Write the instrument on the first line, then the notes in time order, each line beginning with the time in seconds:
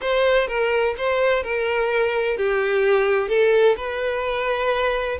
violin
0.01 C5
0.47 A#4
0.97 C5
1.43 A#4
2.37 G4
3.28 A4
3.76 B4